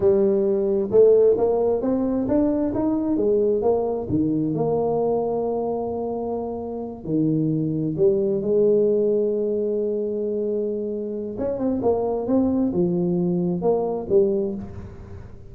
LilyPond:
\new Staff \with { instrumentName = "tuba" } { \time 4/4 \tempo 4 = 132 g2 a4 ais4 | c'4 d'4 dis'4 gis4 | ais4 dis4 ais2~ | ais2.~ ais8 dis8~ |
dis4. g4 gis4.~ | gis1~ | gis4 cis'8 c'8 ais4 c'4 | f2 ais4 g4 | }